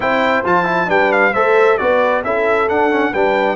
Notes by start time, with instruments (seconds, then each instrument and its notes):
0.00 tuba C4, trombone E4, horn C5, trumpet G5
0.44 tuba F3, trombone F4, trumpet A5
0.64 trombone E4
0.87 tuba G3, trombone D4, horn B4, trumpet G5
1.12 trumpet F5
1.32 tuba A3, trombone A4, horn C5, trumpet E5
1.77 tuba B3, trombone F#4, horn B4, trumpet D5
2.23 tuba C#4, trombone E4, horn A4, trumpet E5
2.68 trombone D4, tuba D4, trumpet F#5
2.90 trombone C#4
3.11 tuba G3, trombone D4, horn B4, trumpet G5